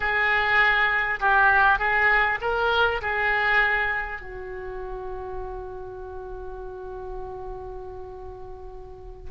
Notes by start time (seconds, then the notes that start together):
0.00 G#4
1.19 G4
1.78 G#4
2.41 A#4
3.01 G#4
4.21 F#4